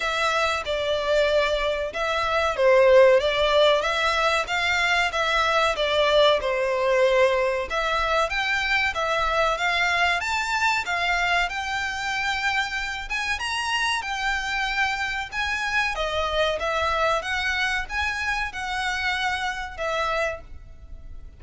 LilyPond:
\new Staff \with { instrumentName = "violin" } { \time 4/4 \tempo 4 = 94 e''4 d''2 e''4 | c''4 d''4 e''4 f''4 | e''4 d''4 c''2 | e''4 g''4 e''4 f''4 |
a''4 f''4 g''2~ | g''8 gis''8 ais''4 g''2 | gis''4 dis''4 e''4 fis''4 | gis''4 fis''2 e''4 | }